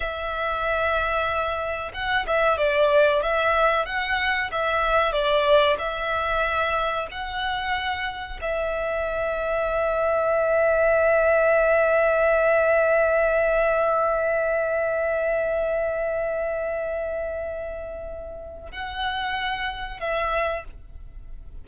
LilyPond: \new Staff \with { instrumentName = "violin" } { \time 4/4 \tempo 4 = 93 e''2. fis''8 e''8 | d''4 e''4 fis''4 e''4 | d''4 e''2 fis''4~ | fis''4 e''2.~ |
e''1~ | e''1~ | e''1~ | e''4 fis''2 e''4 | }